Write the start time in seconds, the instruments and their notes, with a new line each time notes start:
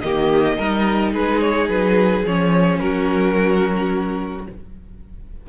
0.00 cello D#3, viola A#3, violin G4 D#5
0.58 cello G3, viola D#4, violin A#4
1.12 cello G#3, violin G#4 B4
1.40 violin C#5
1.68 cello F#3, violin B4
2.25 cello F3, viola C#4, violin C#5
2.79 cello F#3, violin F#4 A#4